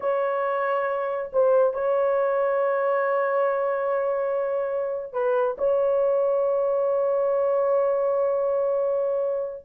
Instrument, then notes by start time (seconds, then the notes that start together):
horn
0.00 C#5
1.33 C5
1.73 C#5
5.12 B4
5.57 C#5